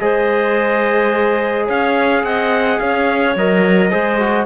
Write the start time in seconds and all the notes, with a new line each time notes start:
0.00 G#3 G#4 C5 D#5
1.67 C#4 C#5 F5
2.23 C4 D#5 F#5
2.80 C#4 C#5 F5
3.36 F#3 A#4 D#5
3.90 G#3 G#4 C5
4.19 F#4